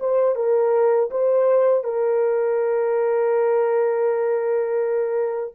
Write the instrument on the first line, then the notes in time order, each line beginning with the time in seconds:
horn
0.00 C5
0.36 A#4
1.11 C5
1.84 A#4